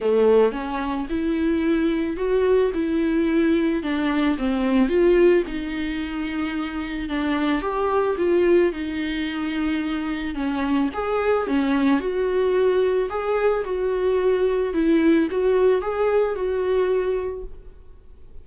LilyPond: \new Staff \with { instrumentName = "viola" } { \time 4/4 \tempo 4 = 110 a4 cis'4 e'2 | fis'4 e'2 d'4 | c'4 f'4 dis'2~ | dis'4 d'4 g'4 f'4 |
dis'2. cis'4 | gis'4 cis'4 fis'2 | gis'4 fis'2 e'4 | fis'4 gis'4 fis'2 | }